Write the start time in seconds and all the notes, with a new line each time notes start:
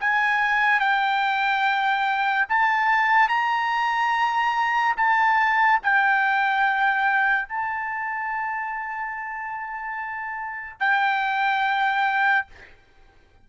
0.00 G#5
0.79 G5
2.48 A5
3.28 A#5
4.96 A5
5.83 G5
7.48 A5
10.80 G5